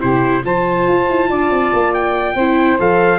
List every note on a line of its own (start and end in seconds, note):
0.00 0.45 C3
0.00 0.43 E4
0.00 0.43 G4
0.00 0.43 C5
0.43 0.87 F3
0.43 2.34 F4
0.43 1.29 C5
0.43 1.93 A5
0.87 1.08 F4
1.08 1.29 E4
1.29 1.50 D4
1.29 2.35 D5
1.50 1.71 C4
1.73 2.35 A#3
1.93 2.79 G5
2.35 2.77 C4
2.35 2.79 E4
2.35 3.19 C5
2.79 3.19 F3
2.79 3.19 A4
2.79 3.19 F5